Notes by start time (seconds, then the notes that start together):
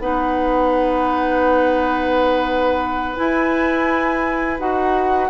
0.00 B3 D#4 B4 F#5
3.17 E4 G#5
4.59 D#4 F#4 F#5